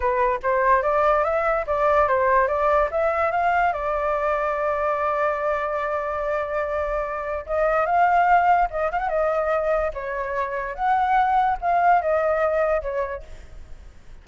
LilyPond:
\new Staff \with { instrumentName = "flute" } { \time 4/4 \tempo 4 = 145 b'4 c''4 d''4 e''4 | d''4 c''4 d''4 e''4 | f''4 d''2.~ | d''1~ |
d''2 dis''4 f''4~ | f''4 dis''8 f''16 fis''16 dis''2 | cis''2 fis''2 | f''4 dis''2 cis''4 | }